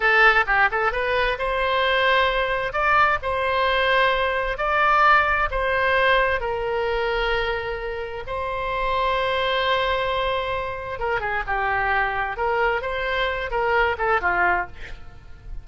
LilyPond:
\new Staff \with { instrumentName = "oboe" } { \time 4/4 \tempo 4 = 131 a'4 g'8 a'8 b'4 c''4~ | c''2 d''4 c''4~ | c''2 d''2 | c''2 ais'2~ |
ais'2 c''2~ | c''1 | ais'8 gis'8 g'2 ais'4 | c''4. ais'4 a'8 f'4 | }